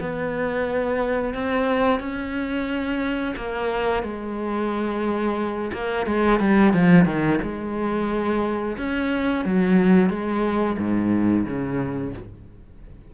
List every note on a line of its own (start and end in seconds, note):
0.00 1.34 B3
1.34 1.99 C4
1.99 3.34 C#4
3.36 4.02 A#3
4.02 5.71 G#3
5.72 6.06 A#3
6.06 6.39 G#3
6.39 6.73 G3
6.73 7.05 F3
7.05 7.39 D#3
7.42 8.76 G#3
8.77 9.44 C#4
9.44 10.09 F#3
10.09 10.77 G#3
10.77 11.45 G#2
11.45 12.13 C#3